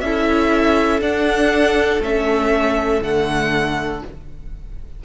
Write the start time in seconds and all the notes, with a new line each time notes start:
0.00 C#4 E4 A4 E5
1.01 D4 F#5
2.00 A3 C#4 E5
3.02 D3 A3 F#5